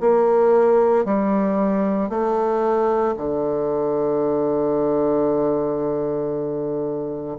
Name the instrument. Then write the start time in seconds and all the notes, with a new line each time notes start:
bassoon
0.00 A#3
1.05 G3
2.09 A3
3.17 D3